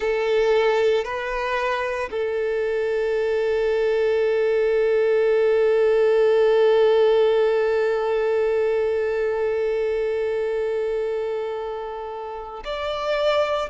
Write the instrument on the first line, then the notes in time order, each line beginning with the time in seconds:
violin
0.00 A4
1.04 B4
2.11 A4
12.64 D5